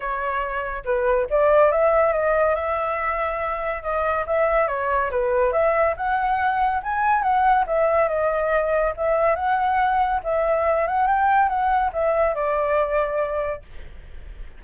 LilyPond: \new Staff \with { instrumentName = "flute" } { \time 4/4 \tempo 4 = 141 cis''2 b'4 d''4 | e''4 dis''4 e''2~ | e''4 dis''4 e''4 cis''4 | b'4 e''4 fis''2 |
gis''4 fis''4 e''4 dis''4~ | dis''4 e''4 fis''2 | e''4. fis''8 g''4 fis''4 | e''4 d''2. | }